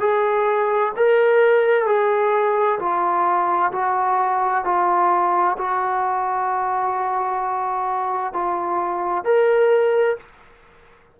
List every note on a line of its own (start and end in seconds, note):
0.00 0.92 G#4
0.96 1.86 A#4
1.86 2.79 G#4
2.79 3.71 F4
3.72 4.64 F#4
4.64 5.56 F4
5.57 8.33 F#4
8.33 9.24 F4
9.24 10.17 A#4